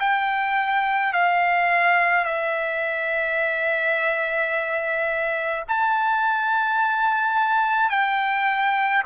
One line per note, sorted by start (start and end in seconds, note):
0.00 1.13 G5
1.13 2.25 F5
2.25 5.64 E5
5.68 7.90 A5
7.90 9.03 G5